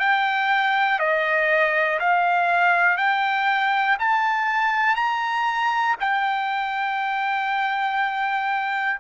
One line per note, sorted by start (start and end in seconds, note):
0.00 0.99 G5
0.99 1.99 D#5
2.00 2.98 F5
2.98 3.98 G5
4.00 4.96 A5
4.96 5.96 A#5
6.00 9.00 G5